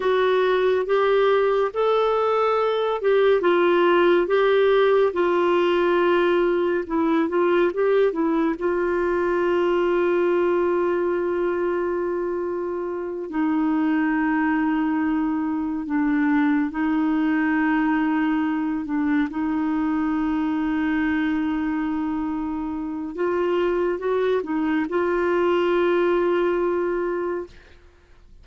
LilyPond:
\new Staff \with { instrumentName = "clarinet" } { \time 4/4 \tempo 4 = 70 fis'4 g'4 a'4. g'8 | f'4 g'4 f'2 | e'8 f'8 g'8 e'8 f'2~ | f'2.~ f'8 dis'8~ |
dis'2~ dis'8 d'4 dis'8~ | dis'2 d'8 dis'4.~ | dis'2. f'4 | fis'8 dis'8 f'2. | }